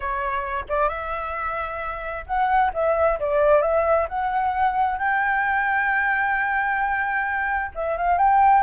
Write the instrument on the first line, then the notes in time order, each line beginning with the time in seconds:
flute
0.00 C#5
0.68 D5
0.88 E5
2.26 F#5
2.73 E5
3.19 D5
3.61 E5
4.08 F#5
4.98 G5
7.74 E5
7.97 F5
8.18 G5